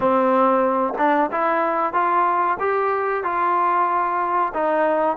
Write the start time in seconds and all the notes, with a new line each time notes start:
0.00 C4
0.98 D4
1.31 E4
1.93 F4
2.59 G4
3.23 F4
4.53 D#4